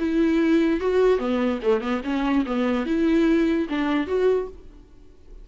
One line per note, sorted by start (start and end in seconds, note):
0.00 0.81 E4
0.81 1.19 F#4
1.19 1.60 B3
1.63 1.81 A3
1.81 2.02 B3
2.04 2.45 C#4
2.46 2.86 B3
2.86 3.68 E4
3.70 4.07 D4
4.07 4.48 F#4